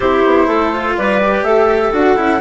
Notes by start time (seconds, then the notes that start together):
0.00 C4 E4 G4 C5
0.25 B3
0.46 A3 A4
0.73 F4
0.96 G3 B4 D5
1.21 G4
1.42 A3 A4 E5
1.92 D4 F#4 F#5
2.16 C#4 E4